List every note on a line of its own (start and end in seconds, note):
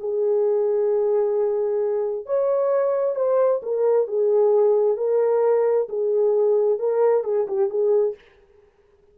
0.00 2.26 G#4
2.26 3.15 C#5
3.15 3.61 C5
3.63 4.07 A#4
4.07 4.97 G#4
4.97 5.88 A#4
5.89 6.79 G#4
6.79 7.24 A#4
7.24 7.47 G#4
7.47 7.70 G4
7.70 8.15 G#4